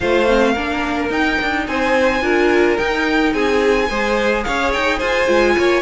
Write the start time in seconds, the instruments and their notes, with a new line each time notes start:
0.00 cello A3, viola F4, violin C5 F5
0.27 viola C4
0.52 cello A#3, viola D4, violin A#4
1.09 cello D#4, viola D#4, violin G5
1.41 cello D4
1.67 cello C4, violin C5 G#5
2.21 cello D4, viola F4, violin A#4
2.77 viola D#4, cello D#4, violin G5
3.33 cello C4, violin G#4 G#5
3.89 cello G#3, viola G#4, violin C5
4.43 cello C#4, violin C#5 F5
4.72 cello D#4, violin G5
4.97 cello F4, violin C5 G#5
5.26 cello G#3, viola F4
5.57 cello A#3, violin C#5